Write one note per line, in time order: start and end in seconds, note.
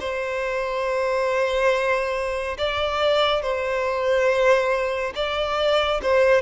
0.00 2.57 C5
2.58 3.42 D5
3.42 5.13 C5
5.15 6.01 D5
6.03 6.42 C5